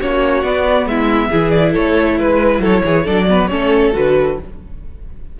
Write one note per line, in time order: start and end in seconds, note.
0.00 0.44 A#3
0.00 0.44 C#4
0.00 0.88 F#4
0.00 0.44 C#5
0.44 0.85 B3
0.44 1.31 B3
0.44 0.87 D5
0.85 1.29 G#3
0.85 1.29 E4
0.85 1.50 E5
1.29 1.76 E3
1.29 3.05 E4
1.29 1.72 G#4
1.50 1.72 D5
1.72 2.19 A3
1.72 2.16 A4
1.72 2.19 C#5
2.19 2.60 G#3
2.19 2.62 B4
2.19 2.61 B4
2.60 2.82 F#3
2.60 2.83 A4
2.60 3.07 C#5
2.85 3.07 E3
2.85 3.04 G#4
3.04 3.51 F#3
3.04 3.27 D4
3.04 3.26 A4
3.04 3.47 D5
3.28 3.50 B3
3.28 3.51 B4
3.47 3.95 A3
3.47 3.93 C#4
3.47 4.39 A4
3.47 3.91 C#5
3.93 4.39 D3
3.93 4.37 F#4
3.93 4.40 B4